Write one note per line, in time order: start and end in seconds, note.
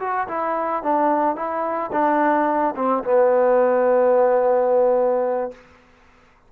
0.00 0.28 F#4
0.28 0.83 E4
0.83 1.36 D4
1.36 1.91 E4
1.92 2.75 D4
2.76 3.04 C4
3.04 5.52 B3